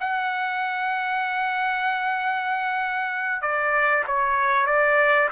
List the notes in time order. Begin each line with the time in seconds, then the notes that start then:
0.00 F#5
3.41 D5
4.07 C#5
4.66 D5